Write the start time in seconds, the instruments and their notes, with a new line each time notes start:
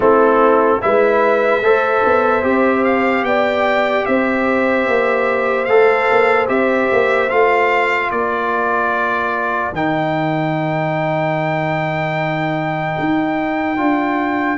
0.00 tuba A3, trombone C4, horn E4, trumpet A4
0.81 tuba G#3, trombone E4, horn B4, trumpet E5
1.61 tuba A3, trombone A4, horn C5
2.04 tuba B3
2.43 tuba C4, trombone G4
2.84 trumpet F5
3.23 tuba B3, horn D5, trumpet G5
4.05 tuba C4, horn C5, trumpet E5
4.87 tuba A#3
5.65 tuba A3, trombone A4, trumpet F5
6.10 tuba A#3
6.47 tuba C4, trombone G4, trumpet E5
6.92 tuba A#3
7.29 tuba A3, trombone F4, trumpet F5
8.10 tuba A#3, horn A#4, trumpet D5
9.72 tuba D#3, trombone D#4, trumpet G5
12.99 tuba D#4
13.77 tuba D4, trombone F4